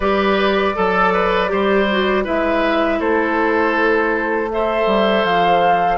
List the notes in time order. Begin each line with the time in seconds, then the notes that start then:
0.00 G3 G4 B4 D5
0.74 F#3 A4
1.13 B4
1.48 G3 G4 C5
1.91 F#4
2.24 G#3 E4 B4 E5
2.99 A3 A4 C5
4.51 A4 C5 E5
4.86 G3
5.24 F3 F5